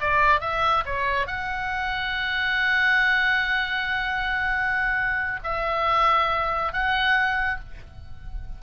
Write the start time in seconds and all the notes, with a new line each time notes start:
0.00 D5
0.40 E5
0.85 C#5
1.27 F#5
5.43 E5
6.73 F#5